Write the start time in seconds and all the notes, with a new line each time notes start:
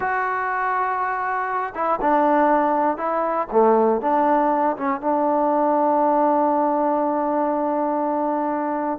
0.00 F#4
1.74 E4
2.01 D4
2.97 E4
3.51 A3
4.01 D4
4.76 C#4
5.00 D4